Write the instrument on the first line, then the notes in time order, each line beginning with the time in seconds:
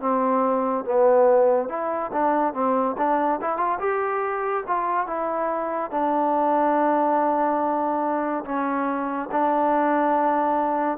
trombone
0.00 C4
0.85 B3
1.69 E4
2.12 D4
2.54 C4
2.97 D4
3.41 E4
3.57 F4
3.79 G4
4.67 F4
5.07 E4
5.91 D4
8.45 C#4
9.31 D4